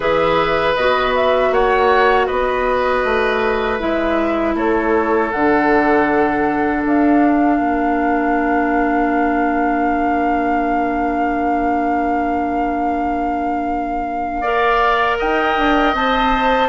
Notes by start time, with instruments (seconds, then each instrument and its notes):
0.00 bassoon E3, clarinet G#4, oboe B4, flute E5
0.75 bassoon B3, clarinet F#4, flute D#5
1.15 flute E5
1.51 bassoon A#3, oboe C#5, flute F#5
2.26 bassoon B3, oboe B4, flute D#5
3.04 bassoon A3
3.79 bassoon G#3, clarinet E4, flute E5
4.54 bassoon A3, oboe A4, flute C#5
5.31 bassoon D3, clarinet D4, flute F#5
6.85 bassoon D4, flute F5
7.57 bassoon A#3, oboe A#4
14.41 clarinet A#4, oboe D5
15.18 bassoon D#4, oboe D#5, flute G5
15.57 bassoon D4
15.93 bassoon C4, clarinet C5, flute A5